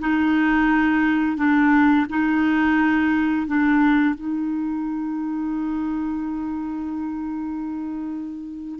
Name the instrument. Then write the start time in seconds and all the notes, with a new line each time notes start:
clarinet
0.00 D#4
1.37 D4
2.09 D#4
3.47 D4
4.15 D#4